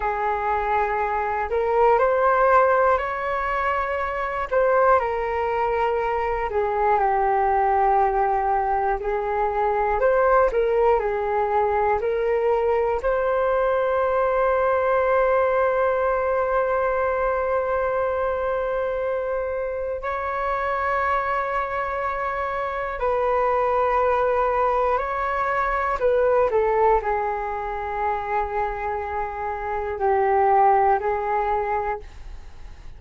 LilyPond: \new Staff \with { instrumentName = "flute" } { \time 4/4 \tempo 4 = 60 gis'4. ais'8 c''4 cis''4~ | cis''8 c''8 ais'4. gis'8 g'4~ | g'4 gis'4 c''8 ais'8 gis'4 | ais'4 c''2.~ |
c''1 | cis''2. b'4~ | b'4 cis''4 b'8 a'8 gis'4~ | gis'2 g'4 gis'4 | }